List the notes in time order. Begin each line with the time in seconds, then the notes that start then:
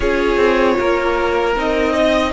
0.00 C#4 F4 G#4 C#5
0.36 C4
0.79 A#3 A#4
1.55 C4 D#4 D#5
1.92 D#5